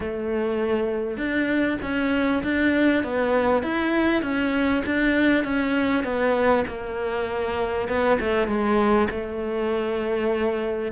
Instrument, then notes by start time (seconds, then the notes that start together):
cello
0.00 A3
1.17 D4
1.82 C#4
2.43 D4
3.03 B3
3.62 E4
4.22 C#4
4.85 D4
5.44 C#4
6.04 B3
6.67 A#3
7.88 B3
8.20 A3
8.47 G#3
9.10 A3